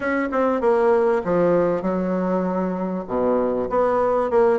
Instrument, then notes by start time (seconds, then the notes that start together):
bassoon
0.00 C#4
0.31 C4
0.60 A#3
1.24 F3
1.82 F#3
3.07 B2
3.69 B3
4.30 A#3